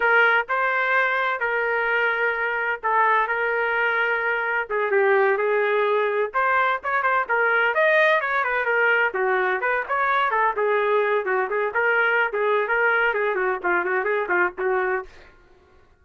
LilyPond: \new Staff \with { instrumentName = "trumpet" } { \time 4/4 \tempo 4 = 128 ais'4 c''2 ais'4~ | ais'2 a'4 ais'4~ | ais'2 gis'8 g'4 gis'8~ | gis'4. c''4 cis''8 c''8 ais'8~ |
ais'8 dis''4 cis''8 b'8 ais'4 fis'8~ | fis'8 b'8 cis''4 a'8 gis'4. | fis'8 gis'8 ais'4~ ais'16 gis'8. ais'4 | gis'8 fis'8 f'8 fis'8 gis'8 f'8 fis'4 | }